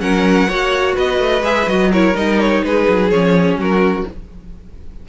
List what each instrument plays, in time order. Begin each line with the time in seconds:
0.00 cello F#3, viola C#4, violin A#4 F#5
0.48 cello A#3, viola F#4, violin C#5
0.95 cello B3, violin B4 D#5
1.19 cello A3
1.41 cello G#3, viola G#4, violin E5
1.67 cello F#3, viola F#4, violin D#5
1.91 viola E4, violin A#4 C#5
2.14 cello G3, viola D#4, violin D#5
2.40 violin C#5
2.63 cello G#3, violin G#4 B4
2.88 cello F#3
3.10 cello F3, viola C#4, violin C#5
3.56 cello F#3, violin F#4 A#4